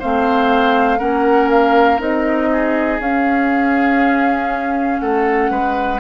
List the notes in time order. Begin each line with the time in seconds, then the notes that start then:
0.00 A3 C4 C5 F5
0.99 A#3 C#4 A#4 F#5
1.50 F5
1.99 C4 D#4 D#5
2.52 G#4
3.00 C#4 F5
5.00 A3 A4 F#5
5.51 G#3 B4